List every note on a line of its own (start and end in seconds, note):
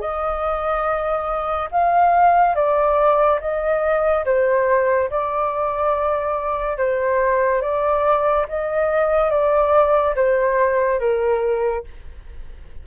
0.00 1.69 D#5
1.71 2.55 F5
2.55 3.39 D5
3.40 4.24 D#5
4.25 5.09 C5
5.10 6.77 D5
6.77 7.61 C5
7.61 8.46 D5
8.48 9.30 D#5
9.30 10.14 D5
10.15 10.99 C5
10.99 11.83 A#4